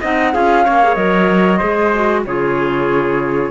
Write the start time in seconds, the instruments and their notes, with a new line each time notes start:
0.00 cello C4, clarinet D#4, trumpet D#5, flute F#5
0.33 cello C#4, clarinet F4, trumpet G#4, flute F5
0.64 cello A#3, clarinet C#4, trumpet C#5
0.82 clarinet G#4
0.94 cello F#3, clarinet A#4, flute D#5
1.57 cello G#3, clarinet G#4, trumpet C5
1.94 clarinet F#4
2.25 cello C#3, clarinet F4, trumpet G#4, flute C#5